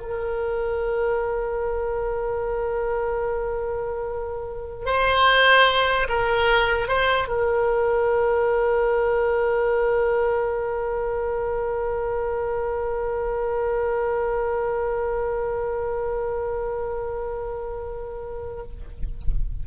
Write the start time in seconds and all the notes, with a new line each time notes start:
0.00 A#4
4.85 C5
6.08 A#4
6.88 C5
7.28 A#4